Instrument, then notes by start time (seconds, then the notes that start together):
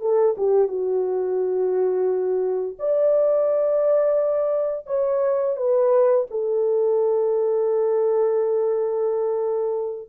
horn
0.00 A4
0.37 G4
0.68 F#4
2.79 D5
4.86 C#5
5.56 B4
6.30 A4